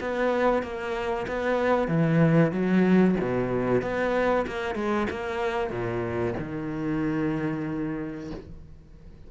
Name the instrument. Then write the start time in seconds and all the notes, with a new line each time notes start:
cello
0.00 B3
0.62 A#3
1.27 B3
1.88 E3
2.52 F#3
3.21 B2
3.82 B3
4.47 A#3
4.75 G#3
5.10 A#3
5.70 A#2
6.39 D#3